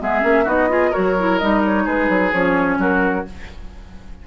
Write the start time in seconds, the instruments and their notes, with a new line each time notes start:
0.00 bassoon G#3, clarinet B3, oboe G#4, flute E5
0.21 bassoon A#3, clarinet C#4
0.45 bassoon B3, clarinet D#4, oboe F#4, flute D#5
0.69 clarinet F4, oboe G#4
0.91 clarinet F#4, oboe A#4, flute C#5
0.98 bassoon F#3
1.19 clarinet E4
1.39 bassoon G3, clarinet D#4, flute D#5
1.65 flute C#5
1.85 bassoon G#3, oboe G#4, flute B4
2.09 bassoon F#3
2.33 bassoon F3, clarinet C#4, flute C#5
2.79 bassoon F#3, oboe F#4, flute A#4